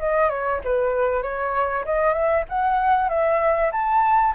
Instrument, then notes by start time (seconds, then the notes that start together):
flute
0.00 D#5
0.30 C#5
0.65 B4
1.23 C#5
1.86 D#5
2.14 E5
2.50 F#5
3.10 E5
3.72 A5